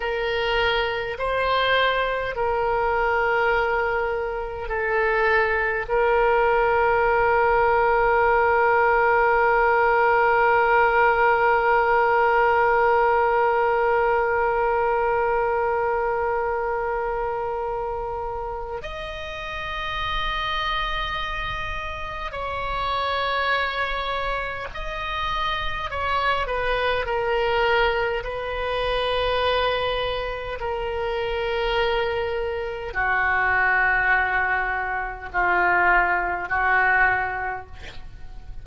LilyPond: \new Staff \with { instrumentName = "oboe" } { \time 4/4 \tempo 4 = 51 ais'4 c''4 ais'2 | a'4 ais'2.~ | ais'1~ | ais'1 |
dis''2. cis''4~ | cis''4 dis''4 cis''8 b'8 ais'4 | b'2 ais'2 | fis'2 f'4 fis'4 | }